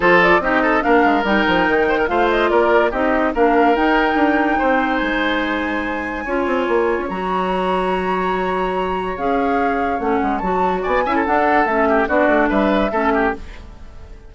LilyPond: <<
  \new Staff \with { instrumentName = "flute" } { \time 4/4 \tempo 4 = 144 c''8 d''8 dis''4 f''4 g''4~ | g''4 f''8 dis''8 d''4 dis''4 | f''4 g''2. | gis''1~ |
gis''4 ais''2.~ | ais''2 f''2 | fis''4 a''4 gis''4 fis''4 | e''4 d''4 e''2 | }
  \new Staff \with { instrumentName = "oboe" } { \time 4/4 a'4 g'8 a'8 ais'2~ | ais'8 c''16 ais'16 c''4 ais'4 g'4 | ais'2. c''4~ | c''2. cis''4~ |
cis''1~ | cis''1~ | cis''2 d''8 e''16 a'4~ a'16~ | a'8 g'8 fis'4 b'4 a'8 g'8 | }
  \new Staff \with { instrumentName = "clarinet" } { \time 4/4 f'4 dis'4 d'4 dis'4~ | dis'4 f'2 dis'4 | d'4 dis'2.~ | dis'2. f'4~ |
f'4 fis'2.~ | fis'2 gis'2 | cis'4 fis'4. e'8 d'4 | cis'4 d'2 cis'4 | }
  \new Staff \with { instrumentName = "bassoon" } { \time 4/4 f4 c'4 ais8 gis8 g8 f8 | dis4 a4 ais4 c'4 | ais4 dis'4 d'4 c'4 | gis2. cis'8 c'8 |
ais8. cis'16 fis2.~ | fis2 cis'2 | a8 gis8 fis4 b8 cis'8 d'4 | a4 b8 a8 g4 a4 | }
>>